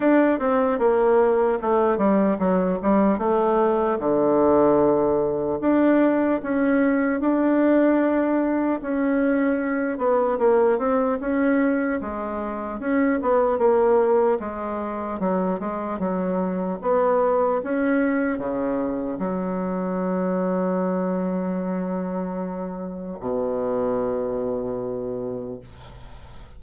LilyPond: \new Staff \with { instrumentName = "bassoon" } { \time 4/4 \tempo 4 = 75 d'8 c'8 ais4 a8 g8 fis8 g8 | a4 d2 d'4 | cis'4 d'2 cis'4~ | cis'8 b8 ais8 c'8 cis'4 gis4 |
cis'8 b8 ais4 gis4 fis8 gis8 | fis4 b4 cis'4 cis4 | fis1~ | fis4 b,2. | }